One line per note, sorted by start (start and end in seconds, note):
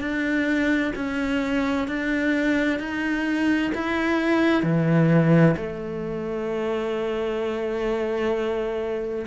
0.00 0.92 D4
0.95 1.88 C#4
1.88 2.79 D4
2.79 3.72 D#4
3.74 4.63 E4
4.63 5.55 E3
5.56 9.26 A3